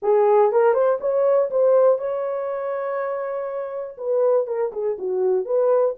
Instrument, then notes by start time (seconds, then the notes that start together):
horn
0.02 G#4
0.51 A#4
0.73 C5
1.00 C#5
1.50 C5
1.98 C#5
3.97 B4
4.46 A#4
4.72 G#4
4.98 F#4
5.45 B4